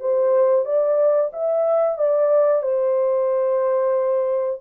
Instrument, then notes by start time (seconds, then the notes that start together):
horn
0.00 C5
0.65 D5
1.33 E5
1.98 D5
2.63 C5